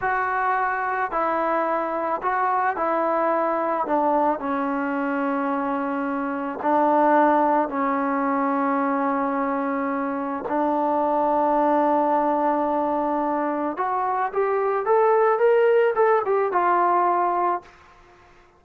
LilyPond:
\new Staff \with { instrumentName = "trombone" } { \time 4/4 \tempo 4 = 109 fis'2 e'2 | fis'4 e'2 d'4 | cis'1 | d'2 cis'2~ |
cis'2. d'4~ | d'1~ | d'4 fis'4 g'4 a'4 | ais'4 a'8 g'8 f'2 | }